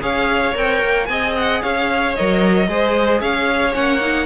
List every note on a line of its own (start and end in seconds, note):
0.00 0.55 C#4
0.00 0.53 G#4
0.00 1.09 C#5
0.00 0.55 F5
0.54 0.82 C4
0.54 1.07 A#4
0.54 1.05 G5
0.82 1.09 A#3
1.05 1.62 C4
1.05 2.15 G#4
1.05 1.62 D#5
1.05 1.32 G#5
1.37 1.62 F#5
1.62 2.17 C#4
1.62 2.68 C#5
1.62 2.15 F5
2.15 2.68 F#3
2.15 2.67 A#4
2.15 3.21 D#5
2.67 3.21 G#3
2.67 3.73 G#4
2.67 3.20 C5
3.20 3.74 C#4
3.20 4.26 C#5
3.20 3.74 F5
3.73 4.26 A#3
3.73 3.99 C#4
3.73 4.26 F#5
4.00 4.26 D#4